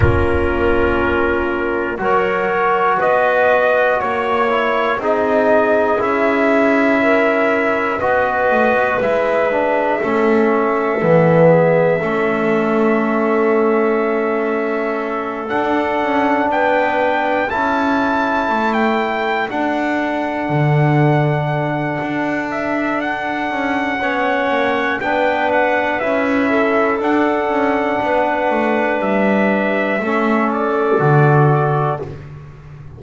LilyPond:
<<
  \new Staff \with { instrumentName = "trumpet" } { \time 4/4 \tempo 4 = 60 ais'2 cis''4 dis''4 | cis''4 dis''4 e''2 | dis''4 e''2.~ | e''2.~ e''8 fis''8~ |
fis''8 g''4 a''4~ a''16 g''8. fis''8~ | fis''2~ fis''8 e''8 fis''4~ | fis''4 g''8 fis''8 e''4 fis''4~ | fis''4 e''4. d''4. | }
  \new Staff \with { instrumentName = "clarinet" } { \time 4/4 f'2 ais'4 b'4 | cis''4 gis'2 ais'4 | b'2 a'4. gis'8 | a'1~ |
a'8 b'4 a'2~ a'8~ | a'1 | cis''4 b'4. a'4. | b'2 a'2 | }
  \new Staff \with { instrumentName = "trombone" } { \time 4/4 cis'2 fis'2~ | fis'8 e'8 dis'4 e'2 | fis'4 e'8 d'8 cis'4 b4 | cis'2.~ cis'8 d'8~ |
d'4. e'2 d'8~ | d'1 | cis'4 d'4 e'4 d'4~ | d'2 cis'4 fis'4 | }
  \new Staff \with { instrumentName = "double bass" } { \time 4/4 ais2 fis4 b4 | ais4 c'4 cis'2 | b8 a16 b16 gis4 a4 e4 | a2.~ a8 d'8 |
cis'8 b4 cis'4 a4 d'8~ | d'8 d4. d'4. cis'8 | b8 ais8 b4 cis'4 d'8 cis'8 | b8 a8 g4 a4 d4 | }
>>